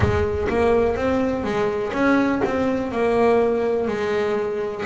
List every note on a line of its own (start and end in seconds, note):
0.00 0.48 G#3
0.49 0.95 A#3
0.95 1.44 C4
1.44 1.92 G#3
1.93 2.41 C#4
2.45 2.91 C4
2.91 3.87 A#3
3.87 4.84 G#3